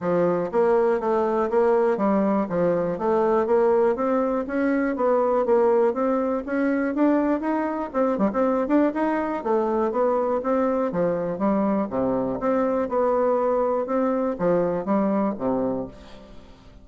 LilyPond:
\new Staff \with { instrumentName = "bassoon" } { \time 4/4 \tempo 4 = 121 f4 ais4 a4 ais4 | g4 f4 a4 ais4 | c'4 cis'4 b4 ais4 | c'4 cis'4 d'4 dis'4 |
c'8 g16 c'8. d'8 dis'4 a4 | b4 c'4 f4 g4 | c4 c'4 b2 | c'4 f4 g4 c4 | }